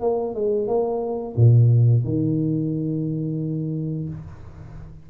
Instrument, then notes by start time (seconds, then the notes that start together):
tuba
0.00 A#3
0.34 G#3
0.67 A#3
1.36 A#2
2.04 D#3